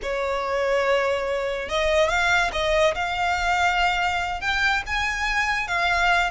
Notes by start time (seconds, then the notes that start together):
0.02 C#5
1.68 D#5
2.08 F5
2.52 D#5
2.94 F5
4.41 G5
4.86 G#5
5.67 F5